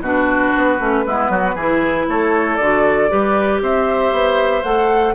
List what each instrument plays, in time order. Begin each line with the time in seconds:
0.00 bassoon B2, clarinet D4, oboe F#4, flute B4
0.56 bassoon B3
0.80 bassoon A3, clarinet C#4
1.06 bassoon G#3, clarinet B3, oboe E4
1.29 bassoon F#3, oboe F#4
1.55 bassoon E3, clarinet E4, oboe G#4
2.08 bassoon A3, oboe A4, flute C#5
2.56 bassoon D3, clarinet F#4, flute D5
3.09 bassoon G3, clarinet G4, oboe B4
3.62 bassoon C4, oboe C5, flute E5
4.12 bassoon B3
4.63 bassoon A3, clarinet A4, flute F#5